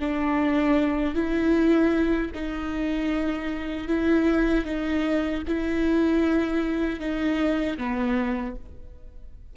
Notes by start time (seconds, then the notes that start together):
0.00 D4
1.15 E4
2.34 D#4
3.88 E4
4.65 D#4
5.48 E4
7.00 D#4
7.78 B3